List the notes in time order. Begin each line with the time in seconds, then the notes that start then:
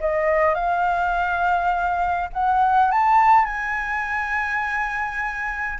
0.00 D#5
0.54 F5
2.33 F#5
2.91 A5
3.45 G#5